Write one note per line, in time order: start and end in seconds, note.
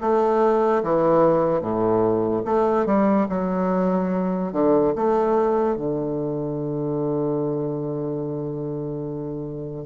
0.00 0.82 A3
0.83 1.60 E3
1.60 2.42 A2
2.45 2.85 A3
2.85 3.27 G3
3.29 4.52 F#3
4.52 4.94 D3
4.95 5.76 A3
5.76 9.85 D3